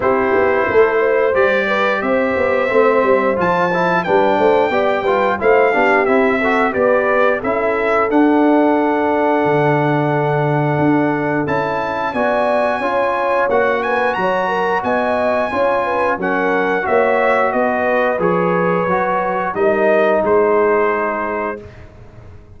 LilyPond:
<<
  \new Staff \with { instrumentName = "trumpet" } { \time 4/4 \tempo 4 = 89 c''2 d''4 e''4~ | e''4 a''4 g''2 | f''4 e''4 d''4 e''4 | fis''1~ |
fis''4 a''4 gis''2 | fis''8 gis''8 ais''4 gis''2 | fis''4 e''4 dis''4 cis''4~ | cis''4 dis''4 c''2 | }
  \new Staff \with { instrumentName = "horn" } { \time 4/4 g'4 a'8 c''4 b'8 c''4~ | c''2 b'8 c''8 d''8 b'8 | c''8 g'4 a'8 b'4 a'4~ | a'1~ |
a'2 d''4 cis''4~ | cis''8 b'8 cis''8 ais'8 dis''4 cis''8 b'8 | ais'4 cis''4 b'2~ | b'4 ais'4 gis'2 | }
  \new Staff \with { instrumentName = "trombone" } { \time 4/4 e'2 g'2 | c'4 f'8 e'8 d'4 g'8 f'8 | e'8 d'8 e'8 fis'8 g'4 e'4 | d'1~ |
d'4 e'4 fis'4 f'4 | fis'2. f'4 | cis'4 fis'2 gis'4 | fis'4 dis'2. | }
  \new Staff \with { instrumentName = "tuba" } { \time 4/4 c'8 b8 a4 g4 c'8 b8 | a8 g8 f4 g8 a8 b8 g8 | a8 b8 c'4 b4 cis'4 | d'2 d2 |
d'4 cis'4 b4 cis'4 | ais4 fis4 b4 cis'4 | fis4 ais4 b4 f4 | fis4 g4 gis2 | }
>>